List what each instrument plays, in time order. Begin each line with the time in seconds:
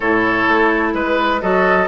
0.00 bassoon A2, clarinet E4, oboe A4, flute C#5
0.47 bassoon A3
0.93 bassoon G#3, oboe B4, flute B4
1.41 bassoon F#3, clarinet F#4, oboe A4, flute D#5